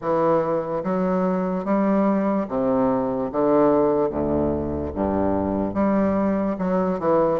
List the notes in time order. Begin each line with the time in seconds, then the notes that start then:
0.01 E3
0.83 F#3
1.64 G3
2.48 C3
3.31 D3
4.09 D2
4.94 G2
5.73 G3
6.58 F#3
6.99 E3